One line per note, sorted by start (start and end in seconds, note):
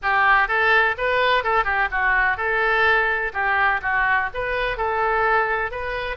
0.02 0.47 G4
0.47 0.95 A4
0.97 1.43 B4
1.43 1.64 A4
1.64 1.88 G4
1.91 2.37 F#4
2.37 3.32 A4
3.33 3.81 G4
3.82 4.29 F#4
4.34 4.77 B4
4.77 5.71 A4
5.71 6.16 B4